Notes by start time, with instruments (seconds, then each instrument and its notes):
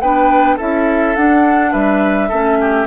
0.00 bassoon B3, clarinet D4, oboe B4, flute G5
0.56 bassoon C#4, clarinet E4, oboe A4, flute E5
1.15 clarinet D4, bassoon D4, flute F#5
1.72 bassoon G3, oboe B4, flute E5
2.28 bassoon A3, clarinet C#4, oboe A4
2.60 oboe G4